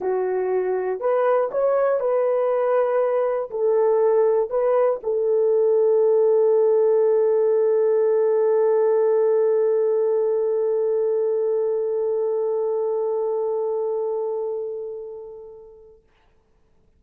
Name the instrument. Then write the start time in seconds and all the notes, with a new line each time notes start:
horn
0.00 F#4
1.00 B4
1.51 C#5
2.00 B4
3.50 A4
4.50 B4
5.03 A4